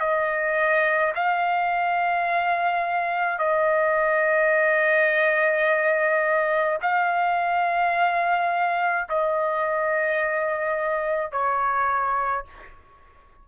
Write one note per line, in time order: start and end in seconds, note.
0.00 1.13 D#5
1.15 3.39 F5
3.39 6.78 D#5
6.82 9.09 F5
9.09 11.32 D#5
11.32 12.45 C#5